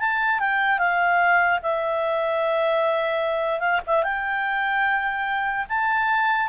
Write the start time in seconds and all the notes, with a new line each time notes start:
0.00 A5
0.40 G5
0.79 F5
1.63 E5
3.60 F5
3.87 E5
4.04 G5
5.69 A5